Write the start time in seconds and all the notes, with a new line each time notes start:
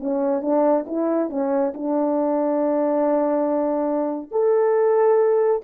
0.00 C#4
0.42 D4
0.87 E4
1.30 C#4
1.75 D4
4.32 A4